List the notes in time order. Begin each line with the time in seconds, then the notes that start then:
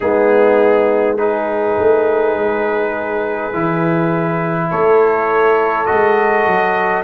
0.00 G#3 B3 D#4 G#4
1.18 D#4 G#4 B4
1.77 A3
2.35 G#3
3.53 E3 E4
4.70 A3 A4 C#5
5.85 F#4 D#5
5.91 G#3
6.46 F#3